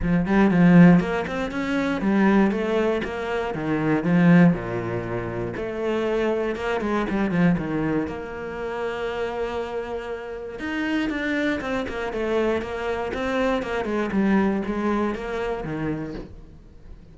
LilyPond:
\new Staff \with { instrumentName = "cello" } { \time 4/4 \tempo 4 = 119 f8 g8 f4 ais8 c'8 cis'4 | g4 a4 ais4 dis4 | f4 ais,2 a4~ | a4 ais8 gis8 g8 f8 dis4 |
ais1~ | ais4 dis'4 d'4 c'8 ais8 | a4 ais4 c'4 ais8 gis8 | g4 gis4 ais4 dis4 | }